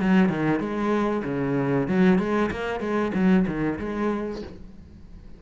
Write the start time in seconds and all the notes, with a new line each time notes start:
0.00 F#3
0.29 D#3
0.60 G#3
1.25 C#3
1.88 F#3
2.18 G#3
2.51 A#3
2.80 G#3
3.14 F#3
3.47 D#3
3.79 G#3